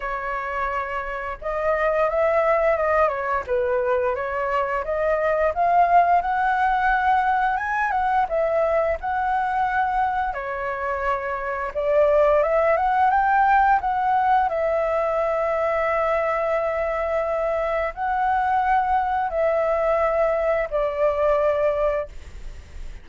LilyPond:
\new Staff \with { instrumentName = "flute" } { \time 4/4 \tempo 4 = 87 cis''2 dis''4 e''4 | dis''8 cis''8 b'4 cis''4 dis''4 | f''4 fis''2 gis''8 fis''8 | e''4 fis''2 cis''4~ |
cis''4 d''4 e''8 fis''8 g''4 | fis''4 e''2.~ | e''2 fis''2 | e''2 d''2 | }